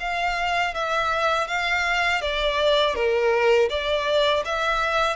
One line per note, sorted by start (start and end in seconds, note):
0.00 0.74 F5
0.74 1.47 E5
1.47 2.22 F5
2.22 2.95 D5
2.95 3.69 A#4
3.69 4.43 D5
4.45 5.16 E5